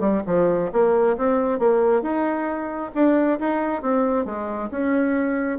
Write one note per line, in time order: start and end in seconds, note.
0.00 0.22 G3
0.27 0.71 F3
0.72 1.17 A#3
1.17 1.59 C4
1.59 2.02 A#3
2.02 2.91 D#4
2.95 3.39 D4
3.39 3.82 D#4
3.82 4.25 C4
4.25 4.70 G#3
4.71 5.59 C#4